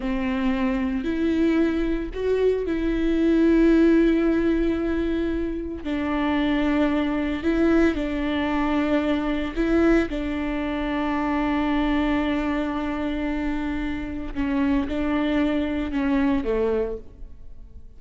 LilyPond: \new Staff \with { instrumentName = "viola" } { \time 4/4 \tempo 4 = 113 c'2 e'2 | fis'4 e'2.~ | e'2. d'4~ | d'2 e'4 d'4~ |
d'2 e'4 d'4~ | d'1~ | d'2. cis'4 | d'2 cis'4 a4 | }